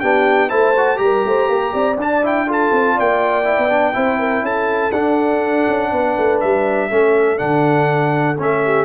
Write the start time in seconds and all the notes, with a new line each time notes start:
0.00 B3 D4 G4 G5
0.49 A3 E4 C5 A5
0.77 F#4
0.96 G3 G4 A#5
1.03 A#4
1.25 A3 C5
1.48 A#3 G4
1.73 C4 D5
1.97 D4 A5
2.23 E4 G5
2.47 F4 A4 A5
2.72 C4
2.95 A#3 D5 G5
3.43 E4
3.58 B3
3.69 D4
3.93 C4 E4 C5
4.18 A#4
4.42 C#4 A4 A5
4.92 D4 F#5
5.68 C#4
5.91 B3 B4
6.17 A3
6.40 G3 E5
6.90 A3 C#4 A4
7.38 D3 D4 F#5
8.38 A3 C#4 E5
8.64 G4